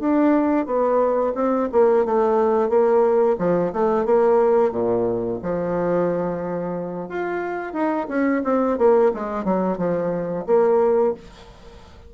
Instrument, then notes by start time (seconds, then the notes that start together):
bassoon
0.00 D4
0.66 B3
1.35 C4
1.73 A#3
2.06 A3
2.70 A#3
3.39 F3
3.73 A3
4.06 A#3
4.72 A#2
5.43 F3
7.09 F4
7.74 D#4
8.09 C#4
8.45 C4
8.78 A#3
9.14 G#3
9.45 F#3
9.78 F3
10.47 A#3